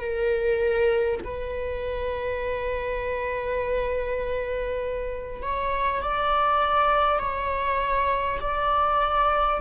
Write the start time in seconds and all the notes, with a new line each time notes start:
0.00 A#4
1.24 B4
5.43 C#5
6.03 D5
7.19 C#5
8.41 D5